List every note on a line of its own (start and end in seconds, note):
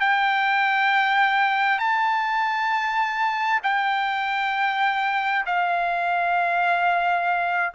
0.00 1.79 G5
1.79 3.60 A5
3.63 5.45 G5
5.46 7.73 F5